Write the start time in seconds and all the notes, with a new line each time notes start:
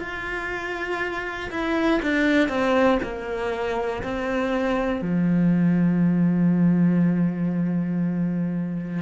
0.00 F4
1.51 E4
2.02 D4
2.49 C4
3.02 A#3
4.03 C4
5.02 F3